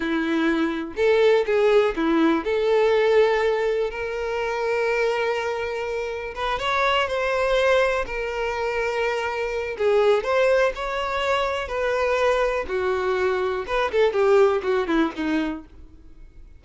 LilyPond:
\new Staff \with { instrumentName = "violin" } { \time 4/4 \tempo 4 = 123 e'2 a'4 gis'4 | e'4 a'2. | ais'1~ | ais'4 b'8 cis''4 c''4.~ |
c''8 ais'2.~ ais'8 | gis'4 c''4 cis''2 | b'2 fis'2 | b'8 a'8 g'4 fis'8 e'8 dis'4 | }